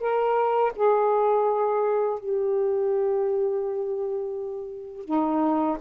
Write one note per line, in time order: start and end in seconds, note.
0.00 0.72 A#4
0.76 2.19 G#4
2.19 5.05 G4
5.05 5.77 D#4